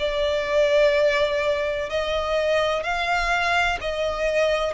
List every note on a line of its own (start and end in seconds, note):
0.00 1.90 D5
1.90 2.84 D#5
2.84 3.79 F5
3.81 4.74 D#5